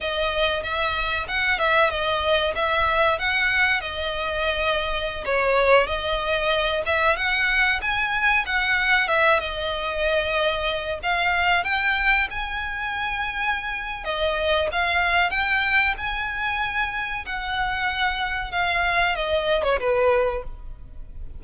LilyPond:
\new Staff \with { instrumentName = "violin" } { \time 4/4 \tempo 4 = 94 dis''4 e''4 fis''8 e''8 dis''4 | e''4 fis''4 dis''2~ | dis''16 cis''4 dis''4. e''8 fis''8.~ | fis''16 gis''4 fis''4 e''8 dis''4~ dis''16~ |
dis''4~ dis''16 f''4 g''4 gis''8.~ | gis''2 dis''4 f''4 | g''4 gis''2 fis''4~ | fis''4 f''4 dis''8. cis''16 b'4 | }